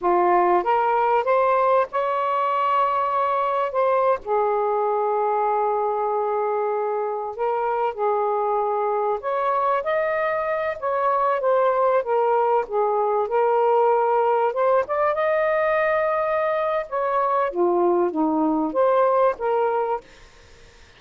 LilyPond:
\new Staff \with { instrumentName = "saxophone" } { \time 4/4 \tempo 4 = 96 f'4 ais'4 c''4 cis''4~ | cis''2 c''8. gis'4~ gis'16~ | gis'2.~ gis'8. ais'16~ | ais'8. gis'2 cis''4 dis''16~ |
dis''4~ dis''16 cis''4 c''4 ais'8.~ | ais'16 gis'4 ais'2 c''8 d''16~ | d''16 dis''2~ dis''8. cis''4 | f'4 dis'4 c''4 ais'4 | }